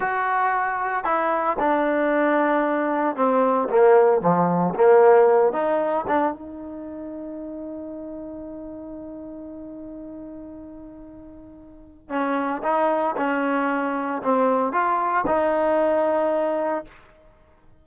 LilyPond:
\new Staff \with { instrumentName = "trombone" } { \time 4/4 \tempo 4 = 114 fis'2 e'4 d'4~ | d'2 c'4 ais4 | f4 ais4. dis'4 d'8 | dis'1~ |
dis'1~ | dis'2. cis'4 | dis'4 cis'2 c'4 | f'4 dis'2. | }